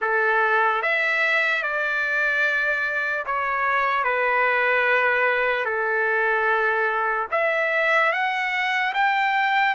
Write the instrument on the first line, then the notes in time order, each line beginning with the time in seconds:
trumpet
0.01 A4
0.82 E5
1.63 D5
3.26 C#5
4.04 B4
5.65 A4
7.31 E5
8.12 F#5
8.94 G5